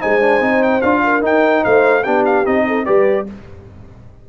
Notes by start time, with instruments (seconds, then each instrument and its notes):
0.00 tuba G#3, trombone D#4, horn C5, trumpet G#5
0.21 trombone D4
0.40 tuba C4, trombone D#4
0.62 trumpet G5
0.81 tuba D4, trombone F4, trumpet F5
1.04 horn A#4
1.21 trombone D#4, tuba D#4, trumpet G5
1.63 tuba A3, horn C5, trumpet F5
2.02 tuba B3, trombone D4, horn G4, trumpet G5
2.25 trumpet F5
2.45 tuba C4, trombone D#4, trumpet D#5
2.67 horn A4
2.85 tuba G3, trombone G4, horn B4, trumpet D5